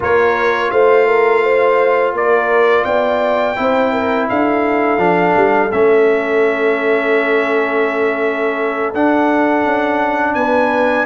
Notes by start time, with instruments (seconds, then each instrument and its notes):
0.00 tuba A#3, trombone F4, horn A#4, trumpet C#5
0.71 tuba A3, horn C5, trumpet F5
1.07 horn A#4
1.42 horn C5
2.13 tuba A#3, horn A#4, trumpet D5
2.84 tuba B3, horn D5, trumpet G5
3.56 tuba C4, trombone E4, horn C5
3.92 horn A#4
4.28 tuba D4, horn A4, trumpet F5
4.97 tuba F3, trombone D4
5.35 tuba G3
5.71 tuba A3, trombone C#4, trumpet E5
8.93 tuba D4, trombone D4, trumpet F#5
9.64 tuba C#4
10.34 tuba B3, horn B4, trumpet G#5